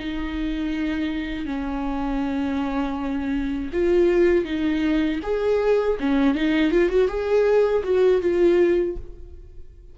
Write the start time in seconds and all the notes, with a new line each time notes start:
0.00 D#4
1.46 C#4
3.74 F4
4.45 D#4
5.23 G#4
6.01 C#4
6.35 D#4
6.72 F4
6.90 F#4
7.08 G#4
7.84 F#4
8.22 F4